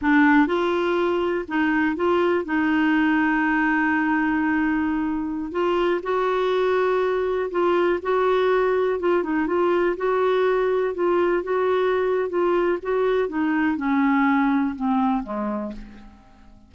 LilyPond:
\new Staff \with { instrumentName = "clarinet" } { \time 4/4 \tempo 4 = 122 d'4 f'2 dis'4 | f'4 dis'2.~ | dis'2.~ dis'16 f'8.~ | f'16 fis'2. f'8.~ |
f'16 fis'2 f'8 dis'8 f'8.~ | f'16 fis'2 f'4 fis'8.~ | fis'4 f'4 fis'4 dis'4 | cis'2 c'4 gis4 | }